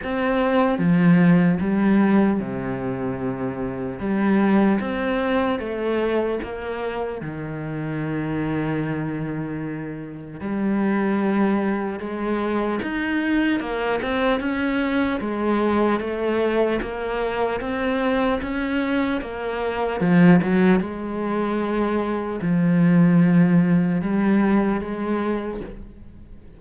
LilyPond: \new Staff \with { instrumentName = "cello" } { \time 4/4 \tempo 4 = 75 c'4 f4 g4 c4~ | c4 g4 c'4 a4 | ais4 dis2.~ | dis4 g2 gis4 |
dis'4 ais8 c'8 cis'4 gis4 | a4 ais4 c'4 cis'4 | ais4 f8 fis8 gis2 | f2 g4 gis4 | }